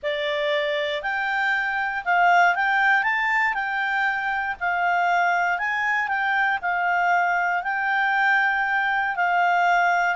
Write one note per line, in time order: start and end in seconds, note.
0.02 1.02 D5
1.02 2.04 G5
2.05 2.55 F5
2.55 3.03 G5
3.03 3.53 A5
3.53 4.55 G5
4.59 5.58 F5
5.58 6.08 G#5
6.08 6.58 G5
6.61 7.63 F5
7.63 9.15 G5
9.15 10.15 F5